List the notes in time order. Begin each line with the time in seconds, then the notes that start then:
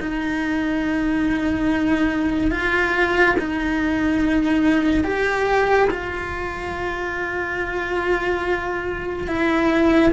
0.00 D#4
2.51 F4
3.39 D#4
5.04 G4
5.90 F4
9.27 E4